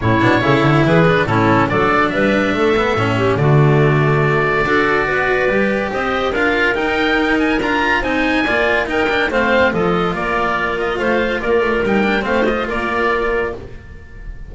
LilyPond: <<
  \new Staff \with { instrumentName = "oboe" } { \time 4/4 \tempo 4 = 142 cis''2 b'4 a'4 | d''4 e''2. | d''1~ | d''2 dis''4 f''4 |
g''4. gis''8 ais''4 gis''4~ | gis''4 g''4 f''4 dis''4 | d''4. dis''8 f''4 d''4 | g''4 f''8 dis''8 d''2 | }
  \new Staff \with { instrumentName = "clarinet" } { \time 4/4 e'4 a'4 gis'4 e'4 | a'4 b'4 a'4. g'8 | fis'2. a'4 | b'2 c''4 ais'4~ |
ais'2. c''4 | d''4 ais'4 c''4 a'4 | ais'2 c''4 ais'4~ | ais'4 c''4 ais'2 | }
  \new Staff \with { instrumentName = "cello" } { \time 4/4 cis'8 d'8 e'4. d'8 cis'4 | d'2~ d'8 b8 cis'4 | a2. fis'4~ | fis'4 g'2 f'4 |
dis'2 f'4 dis'4 | f'4 dis'8 d'8 c'4 f'4~ | f'1 | dis'8 d'8 c'8 f'2~ f'8 | }
  \new Staff \with { instrumentName = "double bass" } { \time 4/4 a,8 b,8 cis8 d8 e4 a,4 | fis4 g4 a4 a,4 | d2. d'4 | b4 g4 c'4 d'4 |
dis'2 d'4 c'4 | ais4 dis'4 a4 f4 | ais2 a4 ais8 a8 | g4 a4 ais2 | }
>>